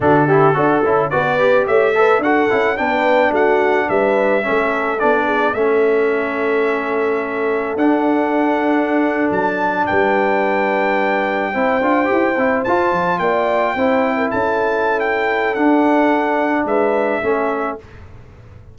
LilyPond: <<
  \new Staff \with { instrumentName = "trumpet" } { \time 4/4 \tempo 4 = 108 a'2 d''4 e''4 | fis''4 g''4 fis''4 e''4~ | e''4 d''4 e''2~ | e''2 fis''2~ |
fis''8. a''4 g''2~ g''16~ | g''2~ g''8. a''4 g''16~ | g''4.~ g''16 a''4~ a''16 g''4 | fis''2 e''2 | }
  \new Staff \with { instrumentName = "horn" } { \time 4/4 fis'8 g'8 a'4 b'4 cis''8 b'8 | a'4 b'4 fis'4 b'4 | a'4. gis'8 a'2~ | a'1~ |
a'4.~ a'16 b'2~ b'16~ | b'8. c''2. d''16~ | d''8. c''8. ais'16 a'2~ a'16~ | a'2 b'4 a'4 | }
  \new Staff \with { instrumentName = "trombone" } { \time 4/4 d'8 e'8 fis'8 e'8 fis'8 g'4 a'8 | fis'8 e'8 d'2. | cis'4 d'4 cis'2~ | cis'2 d'2~ |
d'1~ | d'8. e'8 f'8 g'8 e'8 f'4~ f'16~ | f'8. e'2.~ e'16 | d'2. cis'4 | }
  \new Staff \with { instrumentName = "tuba" } { \time 4/4 d4 d'8 cis'8 b4 a4 | d'8 cis'8 b4 a4 g4 | a4 b4 a2~ | a2 d'2~ |
d'8. fis4 g2~ g16~ | g8. c'8 d'8 e'8 c'8 f'8 f8 ais16~ | ais8. c'4 cis'2~ cis'16 | d'2 gis4 a4 | }
>>